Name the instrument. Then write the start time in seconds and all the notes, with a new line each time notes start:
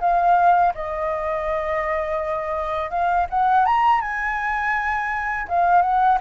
flute
0.00 F5
0.75 D#5
2.90 F5
3.30 F#5
3.65 A#5
4.01 G#5
5.48 F5
5.81 F#5